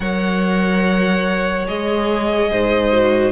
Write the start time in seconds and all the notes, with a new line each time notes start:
0.00 F#3 A#4 C#5 F#5
1.67 G#3 G#4 D#5
2.51 G#2 C5
2.92 F#4